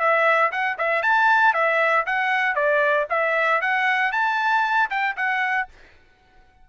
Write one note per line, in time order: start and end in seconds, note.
0.00 0.52 E5
0.52 0.78 F#5
0.78 1.03 E5
1.03 1.54 A5
1.54 2.06 E5
2.06 2.56 F#5
2.56 3.07 D5
3.10 3.62 E5
3.62 4.13 F#5
4.13 4.90 A5
4.90 5.16 G5
5.17 5.69 F#5